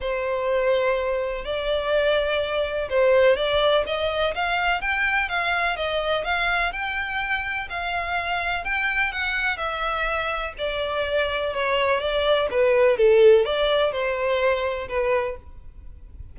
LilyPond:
\new Staff \with { instrumentName = "violin" } { \time 4/4 \tempo 4 = 125 c''2. d''4~ | d''2 c''4 d''4 | dis''4 f''4 g''4 f''4 | dis''4 f''4 g''2 |
f''2 g''4 fis''4 | e''2 d''2 | cis''4 d''4 b'4 a'4 | d''4 c''2 b'4 | }